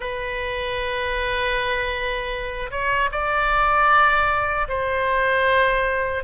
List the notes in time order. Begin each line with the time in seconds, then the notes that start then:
0.00 B4
2.71 C#5
3.11 D5
4.68 C5